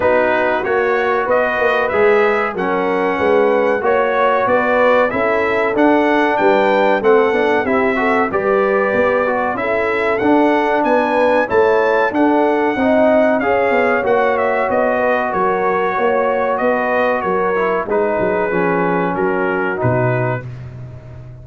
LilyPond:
<<
  \new Staff \with { instrumentName = "trumpet" } { \time 4/4 \tempo 4 = 94 b'4 cis''4 dis''4 e''4 | fis''2 cis''4 d''4 | e''4 fis''4 g''4 fis''4 | e''4 d''2 e''4 |
fis''4 gis''4 a''4 fis''4~ | fis''4 f''4 fis''8 e''8 dis''4 | cis''2 dis''4 cis''4 | b'2 ais'4 b'4 | }
  \new Staff \with { instrumentName = "horn" } { \time 4/4 fis'2 b'2 | ais'4 b'4 cis''4 b'4 | a'2 b'4 a'4 | g'8 a'8 b'2 a'4~ |
a'4 b'4 cis''4 a'4 | dis''4 cis''2~ cis''8 b'8 | ais'4 cis''4 b'4 ais'4 | gis'2 fis'2 | }
  \new Staff \with { instrumentName = "trombone" } { \time 4/4 dis'4 fis'2 gis'4 | cis'2 fis'2 | e'4 d'2 c'8 d'8 | e'8 fis'8 g'4. fis'8 e'4 |
d'2 e'4 d'4 | dis'4 gis'4 fis'2~ | fis'2.~ fis'8 e'8 | dis'4 cis'2 dis'4 | }
  \new Staff \with { instrumentName = "tuba" } { \time 4/4 b4 ais4 b8 ais8 gis4 | fis4 gis4 ais4 b4 | cis'4 d'4 g4 a8 b8 | c'4 g4 b4 cis'4 |
d'4 b4 a4 d'4 | c'4 cis'8 b8 ais4 b4 | fis4 ais4 b4 fis4 | gis8 fis8 f4 fis4 b,4 | }
>>